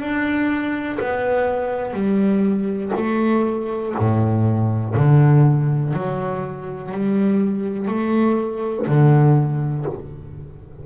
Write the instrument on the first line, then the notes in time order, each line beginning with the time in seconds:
double bass
0.00 D4
1.00 B3
1.94 G3
2.96 A3
3.98 A2
4.95 D3
5.94 F#3
6.92 G3
7.88 A3
8.87 D3